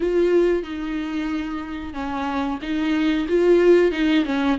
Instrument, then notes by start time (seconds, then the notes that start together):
viola
0.00 F4
0.63 D#4
1.93 C#4
2.62 D#4
3.28 F4
3.91 D#4
4.25 C#4